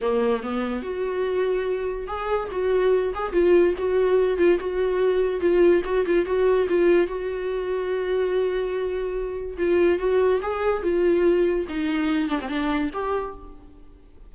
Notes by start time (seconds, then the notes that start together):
0.01 A#3
0.42 B3
0.82 F#4
2.07 G#4
2.51 F#4
3.14 G#4
3.32 F4
3.78 F#4
4.37 F4
4.59 F#4
5.40 F4
5.84 F#4
6.06 F4
6.25 F#4
6.69 F4
7.07 F#4
9.57 F4
9.98 F#4
10.42 G#4
10.82 F4
11.69 D#4
12.29 D4
12.41 C4
12.48 D4
12.93 G4